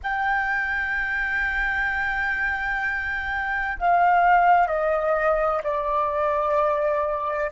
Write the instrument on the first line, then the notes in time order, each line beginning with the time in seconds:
flute
0.03 G5
3.78 F5
4.67 D#5
5.63 D5